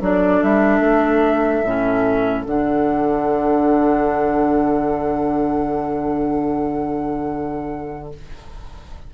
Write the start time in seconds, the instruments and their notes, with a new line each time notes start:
0.00 bassoon F#3, clarinet D4, oboe A4, flute D5
0.43 bassoon G3, flute E5
0.80 bassoon A3
1.64 bassoon A2, clarinet C#4
2.42 bassoon D3, clarinet D4, flute F#5